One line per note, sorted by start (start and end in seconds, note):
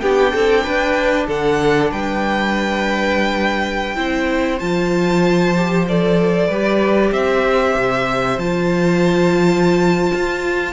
0.00 0.34 B3
0.00 3.96 D4
0.00 0.33 G4
0.00 1.26 G5
0.33 0.66 C4
0.33 0.64 A4
0.64 1.28 D4
0.64 1.27 B4
1.28 1.91 D3
1.28 1.91 A4
1.28 1.92 F#5
1.91 3.97 G3
1.91 3.96 B4
1.91 4.59 G5
3.96 4.61 C4
3.96 4.59 E4
3.96 6.48 C5
4.59 6.49 F3
4.59 5.55 F4
4.59 5.85 A5
5.56 5.88 G4
5.88 6.51 A4
5.88 7.13 D5
6.48 7.12 G3
6.48 8.41 G4
6.48 7.11 B4
7.11 7.75 C4
7.11 10.73 C5
7.11 8.39 E5
7.75 8.38 C3
8.38 10.11 F3
8.38 10.73 F4
8.38 10.73 A5
10.14 10.73 F4